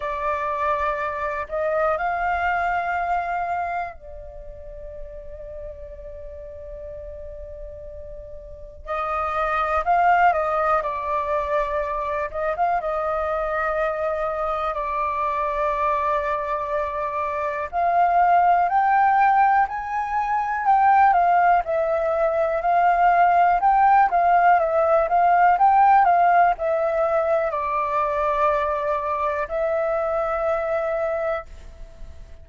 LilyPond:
\new Staff \with { instrumentName = "flute" } { \time 4/4 \tempo 4 = 61 d''4. dis''8 f''2 | d''1~ | d''4 dis''4 f''8 dis''8 d''4~ | d''8 dis''16 f''16 dis''2 d''4~ |
d''2 f''4 g''4 | gis''4 g''8 f''8 e''4 f''4 | g''8 f''8 e''8 f''8 g''8 f''8 e''4 | d''2 e''2 | }